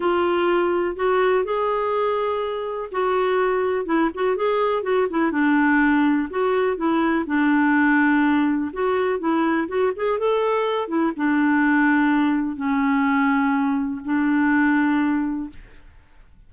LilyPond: \new Staff \with { instrumentName = "clarinet" } { \time 4/4 \tempo 4 = 124 f'2 fis'4 gis'4~ | gis'2 fis'2 | e'8 fis'8 gis'4 fis'8 e'8 d'4~ | d'4 fis'4 e'4 d'4~ |
d'2 fis'4 e'4 | fis'8 gis'8 a'4. e'8 d'4~ | d'2 cis'2~ | cis'4 d'2. | }